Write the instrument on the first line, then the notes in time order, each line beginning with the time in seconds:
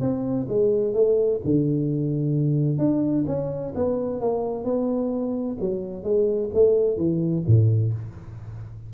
tuba
0.00 C4
0.48 G#3
0.94 A3
1.44 D3
2.78 D4
3.27 C#4
3.75 B3
4.21 A#3
4.64 B3
5.60 F#3
6.03 G#3
6.53 A3
6.97 E3
7.47 A2